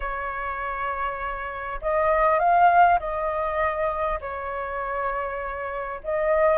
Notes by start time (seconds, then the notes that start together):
0.00 C#5
1.81 D#5
2.39 F5
2.99 D#5
4.21 C#5
6.03 D#5